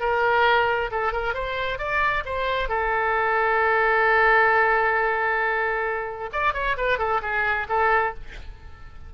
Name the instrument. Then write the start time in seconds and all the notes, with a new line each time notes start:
oboe
0.00 A#4
0.91 A4
1.12 A#4
1.34 C5
1.78 D5
2.25 C5
2.69 A4
6.32 D5
6.54 C#5
6.77 B4
6.98 A4
7.22 G#4
7.69 A4